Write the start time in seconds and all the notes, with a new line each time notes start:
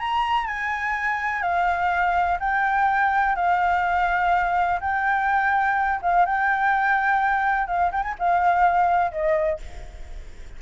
0.00 A#5
0.47 G#5
1.42 F5
2.40 G5
3.36 F5
4.81 G5
6.02 F5
6.26 G5
7.68 F5
7.92 G5
8.03 G#5
8.19 F5
9.12 D#5